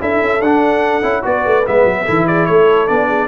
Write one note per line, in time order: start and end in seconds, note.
0.00 0.22 D4
0.00 0.41 E4
0.00 1.23 A4
0.00 0.42 E5
0.22 0.40 C#4
0.40 1.02 D4
0.40 1.24 F#5
1.02 1.23 C#4
1.02 1.22 E4
1.22 1.46 B3
1.22 1.63 F#4
1.22 2.05 B4
1.22 1.66 D5
1.46 1.66 A3
1.65 1.84 G#3
1.65 2.06 B3
1.65 2.27 E5
1.84 2.05 F#3
2.05 2.49 E3
2.05 2.88 E4
2.05 2.25 A4
2.27 2.47 G#4
2.27 2.46 D5
2.46 2.89 A3
2.46 3.07 A4
2.46 2.87 C#5
2.87 3.28 B3
2.87 3.28 D4
2.87 3.28 D5
3.07 3.28 G#4